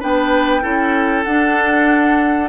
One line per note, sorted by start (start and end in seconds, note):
0.00 0.64 B3
0.00 0.62 D4
0.00 0.62 B4
0.00 1.24 G5
0.62 1.26 C#4
0.62 1.24 E4
0.62 2.49 A4
1.24 2.49 D4
1.24 2.49 F#5